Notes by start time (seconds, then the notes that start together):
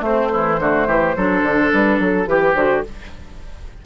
0.00 A3 C4 C5
0.32 E3 E4
0.60 D3 A3 F#4
0.87 E3 G4
1.16 F#3 D4 A4
1.42 D3
1.73 G3 B4
1.99 F#3 A4
2.26 E3 G4 B4
2.55 D3 F#4 C5